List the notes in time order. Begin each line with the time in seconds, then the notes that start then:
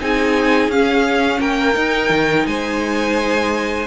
0.00 C4 D#4 G#4 G#5
0.68 C#4 F5
1.40 A#3 A#4 G5
1.73 D#4
2.09 D#3
2.46 G#3 C5 G#5